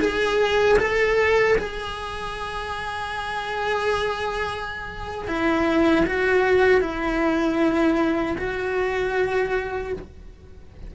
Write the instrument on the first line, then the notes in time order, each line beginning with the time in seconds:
cello
0.00 G#4
0.78 A4
1.58 G#4
5.27 E4
6.06 F#4
6.80 E4
8.37 F#4